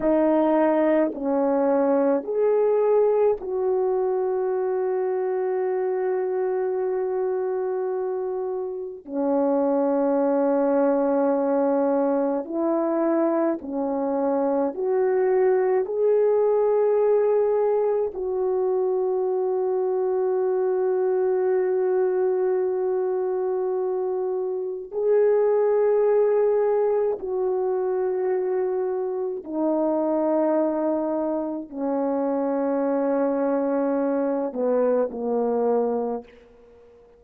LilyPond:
\new Staff \with { instrumentName = "horn" } { \time 4/4 \tempo 4 = 53 dis'4 cis'4 gis'4 fis'4~ | fis'1 | cis'2. e'4 | cis'4 fis'4 gis'2 |
fis'1~ | fis'2 gis'2 | fis'2 dis'2 | cis'2~ cis'8 b8 ais4 | }